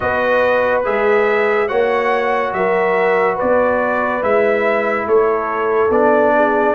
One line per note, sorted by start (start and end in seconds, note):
0.00 0.86 B3
0.00 0.84 F#4
0.00 1.68 B4
0.00 0.81 D#5
0.84 1.70 G#3
0.84 1.68 G#4
0.84 1.68 E5
1.68 2.53 A#3
1.68 4.21 F#4
1.68 2.52 C#5
1.68 2.52 F#5
2.53 3.37 F#3
2.53 3.35 A#4
2.53 3.37 E5
3.35 5.04 B4
3.35 4.23 D5
3.42 4.22 B3
4.21 5.06 G#3
4.21 5.90 E4
4.21 5.07 E5
5.06 5.89 A3
5.06 6.34 A4
5.06 5.91 C#5
5.89 6.74 B3
5.89 6.74 D4
5.89 6.74 D5
6.35 6.74 G#4